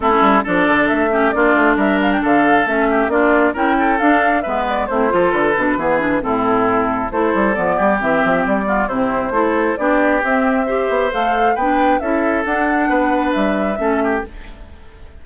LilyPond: <<
  \new Staff \with { instrumentName = "flute" } { \time 4/4 \tempo 4 = 135 a'4 d''4 e''4 d''4 | e''8 f''16 g''16 f''4 e''4 d''4 | g''4 f''4 e''8 d''8 c''4 | b'2 a'2 |
c''4 d''4 e''4 d''4 | c''2 d''4 e''4~ | e''4 f''4 g''4 e''4 | fis''2 e''2 | }
  \new Staff \with { instrumentName = "oboe" } { \time 4/4 e'4 a'4. g'8 f'4 | ais'4 a'4. g'8 f'4 | ais'8 a'4. b'4 e'8 a'8~ | a'4 gis'4 e'2 |
a'4. g'2 f'8 | e'4 a'4 g'2 | c''2 b'4 a'4~ | a'4 b'2 a'8 g'8 | }
  \new Staff \with { instrumentName = "clarinet" } { \time 4/4 c'16 cis'8. d'4. cis'8 d'4~ | d'2 cis'4 d'4 | e'4 d'4 b4 c'8 f'8~ | f'8 d'8 b8 d'8 c'2 |
e'4 b4 c'4. b8 | c'4 e'4 d'4 c'4 | g'4 a'4 d'4 e'4 | d'2. cis'4 | }
  \new Staff \with { instrumentName = "bassoon" } { \time 4/4 a8 g8 f8 d8 a4 ais8 a8 | g4 d4 a4 ais4 | cis'4 d'4 gis4 a8 f8 | d8 b,8 e4 a,2 |
a8 g8 f8 g8 e8 f8 g4 | c4 a4 b4 c'4~ | c'8 b8 a4 b4 cis'4 | d'4 b4 g4 a4 | }
>>